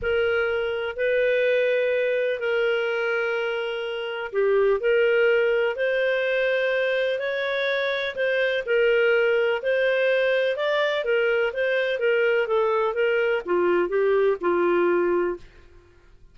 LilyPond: \new Staff \with { instrumentName = "clarinet" } { \time 4/4 \tempo 4 = 125 ais'2 b'2~ | b'4 ais'2.~ | ais'4 g'4 ais'2 | c''2. cis''4~ |
cis''4 c''4 ais'2 | c''2 d''4 ais'4 | c''4 ais'4 a'4 ais'4 | f'4 g'4 f'2 | }